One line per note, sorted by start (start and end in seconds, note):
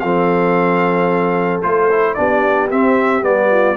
0.00 1.64 F3
0.00 1.62 C4
0.00 2.17 A4
0.00 1.61 F5
1.62 2.18 A3
1.62 1.89 F4
1.62 2.14 C5
1.91 2.16 E4
2.14 2.72 B3
2.14 2.70 D4
2.14 3.51 G4
2.14 2.68 D5
2.71 3.22 C4
2.71 3.23 C4
2.71 3.24 E5
3.22 3.77 G3
3.22 3.75 B3
3.22 3.77 D5
3.51 3.77 F4